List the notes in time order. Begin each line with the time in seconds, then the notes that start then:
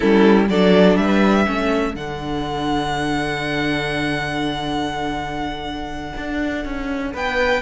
0.00 G3 C#4 E4 A4
0.49 F#3 D4 A4 D5
0.96 G3 B4 E5
1.46 A3 C#4 A4
1.94 D3 D4 F#5
6.16 D4
6.64 C#4
7.13 B3 B4 G5